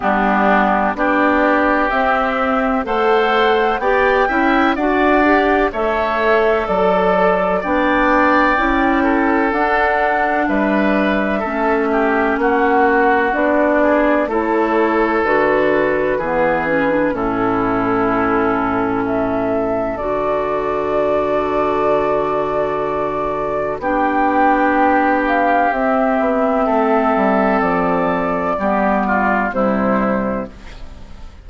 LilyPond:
<<
  \new Staff \with { instrumentName = "flute" } { \time 4/4 \tempo 4 = 63 g'4 d''4 e''4 fis''4 | g''4 fis''4 e''4 d''4 | g''2 fis''4 e''4~ | e''4 fis''4 d''4 cis''4 |
b'2 a'2 | e''4 d''2.~ | d''4 g''4. f''8 e''4~ | e''4 d''2 c''4 | }
  \new Staff \with { instrumentName = "oboe" } { \time 4/4 d'4 g'2 c''4 | d''8 e''8 d''4 cis''4 a'4 | d''4. a'4. b'4 | a'8 g'8 fis'4. gis'8 a'4~ |
a'4 gis'4 e'2 | a'1~ | a'4 g'2. | a'2 g'8 f'8 e'4 | }
  \new Staff \with { instrumentName = "clarinet" } { \time 4/4 b4 d'4 c'4 a'4 | g'8 e'8 fis'8 g'8 a'2 | d'4 e'4 d'2 | cis'2 d'4 e'4 |
fis'4 b8 cis'16 d'16 cis'2~ | cis'4 fis'2.~ | fis'4 d'2 c'4~ | c'2 b4 g4 | }
  \new Staff \with { instrumentName = "bassoon" } { \time 4/4 g4 b4 c'4 a4 | b8 cis'8 d'4 a4 fis4 | b4 cis'4 d'4 g4 | a4 ais4 b4 a4 |
d4 e4 a,2~ | a,4 d2.~ | d4 b2 c'8 b8 | a8 g8 f4 g4 c4 | }
>>